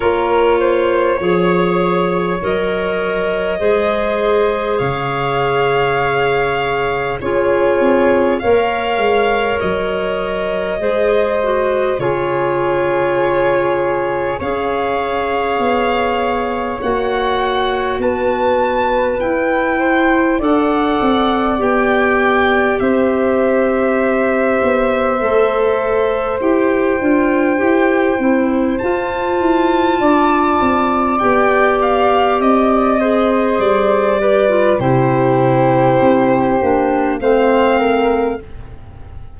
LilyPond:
<<
  \new Staff \with { instrumentName = "violin" } { \time 4/4 \tempo 4 = 50 cis''2 dis''2 | f''2 cis''4 f''4 | dis''2 cis''2 | f''2 fis''4 a''4 |
g''4 fis''4 g''4 e''4~ | e''2 g''2 | a''2 g''8 f''8 dis''4 | d''4 c''2 f''4 | }
  \new Staff \with { instrumentName = "flute" } { \time 4/4 ais'8 c''8 cis''2 c''4 | cis''2 gis'4 cis''4~ | cis''4 c''4 gis'2 | cis''2. b'4~ |
b'8 c''8 d''2 c''4~ | c''1~ | c''4 d''2~ d''8 c''8~ | c''8 b'8 g'2 c''8 ais'8 | }
  \new Staff \with { instrumentName = "clarinet" } { \time 4/4 f'4 gis'4 ais'4 gis'4~ | gis'2 f'4 ais'4~ | ais'4 gis'8 fis'8 f'2 | gis'2 fis'2 |
e'4 a'4 g'2~ | g'4 a'4 g'8 f'8 g'8 e'8 | f'2 g'4. gis'8~ | gis'8 g'16 f'16 e'4. d'8 c'4 | }
  \new Staff \with { instrumentName = "tuba" } { \time 4/4 ais4 f4 fis4 gis4 | cis2 cis'8 c'8 ais8 gis8 | fis4 gis4 cis2 | cis'4 b4 ais4 b4 |
e'4 d'8 c'8 b4 c'4~ | c'8 b8 a4 e'8 d'8 e'8 c'8 | f'8 e'8 d'8 c'8 b4 c'4 | g4 c4 c'8 ais8 a4 | }
>>